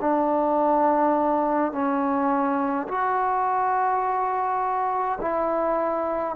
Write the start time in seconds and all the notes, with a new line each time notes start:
0.00 D4
1.72 C#4
2.88 F#4
5.21 E4